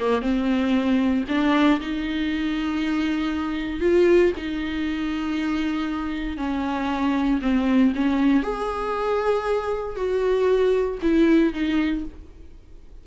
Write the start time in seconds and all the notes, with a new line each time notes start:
0.00 A#3
0.22 C4
1.29 D4
1.81 D#4
3.81 F4
4.37 D#4
6.38 C#4
7.42 C4
7.96 C#4
8.44 G#4
9.97 F#4
11.02 E4
11.54 D#4